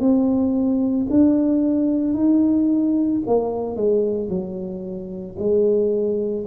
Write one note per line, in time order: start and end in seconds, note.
0.00 1.07 C4
1.11 2.14 D4
2.14 3.21 D#4
3.27 3.76 A#3
3.76 4.29 G#3
4.29 5.36 F#3
5.39 6.46 G#3